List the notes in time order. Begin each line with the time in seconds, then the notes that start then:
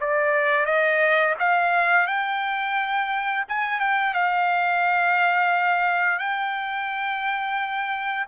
0.00 D5
0.65 D#5
1.39 F5
2.06 G5
3.48 G#5
3.80 G5
4.13 F5
6.18 G5